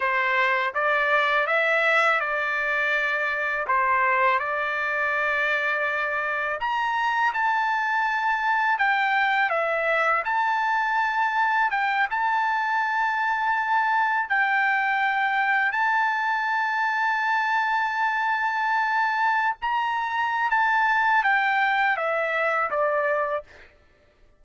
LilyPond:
\new Staff \with { instrumentName = "trumpet" } { \time 4/4 \tempo 4 = 82 c''4 d''4 e''4 d''4~ | d''4 c''4 d''2~ | d''4 ais''4 a''2 | g''4 e''4 a''2 |
g''8 a''2. g''8~ | g''4. a''2~ a''8~ | a''2~ a''8. ais''4~ ais''16 | a''4 g''4 e''4 d''4 | }